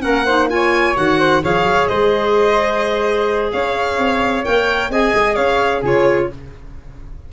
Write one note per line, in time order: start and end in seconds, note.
0.00 0.96 A#3
0.00 0.23 C#4
0.00 0.25 A#4
0.00 0.48 F#5
0.25 0.49 D#4
0.25 0.48 C5
0.49 0.95 F4
0.49 1.19 C#5
0.49 0.96 G#5
0.95 1.44 D#3
0.95 1.41 F#4
0.95 1.43 F#5
1.19 1.42 C5
1.42 1.64 F3
1.42 4.44 G#4
1.42 1.89 C#5
1.42 1.88 F5
1.64 1.87 F#3
1.88 3.52 G#3
1.88 3.52 C5
1.88 3.50 D#5
3.53 3.98 C#4
3.53 4.91 C#5
3.53 4.44 F5
3.98 4.44 C4
4.44 4.90 A#3
4.44 4.90 A#4
4.44 4.91 G5
4.90 5.13 C4
4.90 5.83 G#4
4.90 5.35 D#5
4.90 5.35 G#5
5.14 5.37 G#3
5.35 5.82 C#4
5.35 5.80 C#5
5.35 5.82 F5
5.80 6.28 C#3
5.80 6.30 F4
5.80 6.27 G#4
5.80 6.32 C#5